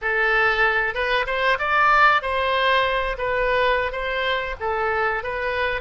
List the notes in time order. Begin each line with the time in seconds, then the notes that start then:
0.01 A4
0.94 B4
1.26 C5
1.58 D5
2.22 C5
3.18 B4
3.92 C5
4.59 A4
5.22 B4